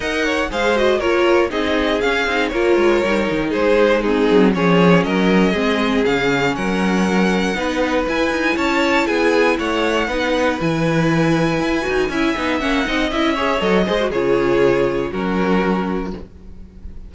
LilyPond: <<
  \new Staff \with { instrumentName = "violin" } { \time 4/4 \tempo 4 = 119 fis''4 f''8 dis''8 cis''4 dis''4 | f''4 cis''2 c''4 | gis'4 cis''4 dis''2 | f''4 fis''2. |
gis''4 a''4 gis''4 fis''4~ | fis''4 gis''2.~ | gis''4 fis''4 e''4 dis''4 | cis''2 ais'2 | }
  \new Staff \with { instrumentName = "violin" } { \time 4/4 dis''8 cis''8 c''4 ais'4 gis'4~ | gis'4 ais'2 gis'4 | dis'4 gis'4 ais'4 gis'4~ | gis'4 ais'2 b'4~ |
b'4 cis''4 gis'4 cis''4 | b'1 | e''4. dis''4 cis''4 c''8 | gis'2 fis'2 | }
  \new Staff \with { instrumentName = "viola" } { \time 4/4 ais'4 gis'8 fis'8 f'4 dis'4 | cis'8 dis'8 f'4 dis'2 | c'4 cis'2 c'4 | cis'2. dis'4 |
e'1 | dis'4 e'2~ e'8 fis'8 | e'8 dis'8 cis'8 dis'8 e'8 gis'8 a'8 gis'16 fis'16 | f'2 cis'2 | }
  \new Staff \with { instrumentName = "cello" } { \time 4/4 dis'4 gis4 ais4 c'4 | cis'8 c'8 ais8 gis8 g8 dis8 gis4~ | gis8 fis8 f4 fis4 gis4 | cis4 fis2 b4 |
e'8 dis'8 cis'4 b4 a4 | b4 e2 e'8 dis'8 | cis'8 b8 ais8 c'8 cis'4 fis8 gis8 | cis2 fis2 | }
>>